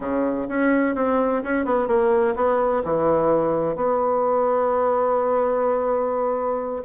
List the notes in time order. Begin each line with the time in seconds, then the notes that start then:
0.00 C#3
0.48 C#4
0.95 C4
1.43 C#4
1.65 B3
1.87 A#3
2.35 B3
2.84 E3
3.75 B3